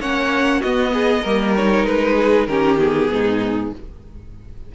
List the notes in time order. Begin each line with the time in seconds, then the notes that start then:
0.00 A#3 C#4 C#5 F#5
0.60 B3 F#4 D#5
0.93 G#4
1.22 G3 A#3 A#4
1.56 D#4 C#5
1.85 G#3 B4
2.16 G#4
2.46 D#3 C#4 G4 A#4
2.78 B3 G#4
3.10 G#2 D#4